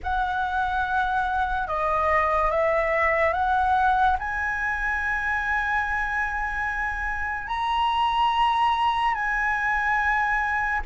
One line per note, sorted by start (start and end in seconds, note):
0.03 1.67 F#5
1.67 2.50 D#5
2.50 3.33 E5
3.33 4.16 F#5
4.19 7.47 G#5
7.47 9.14 A#5
9.14 10.81 G#5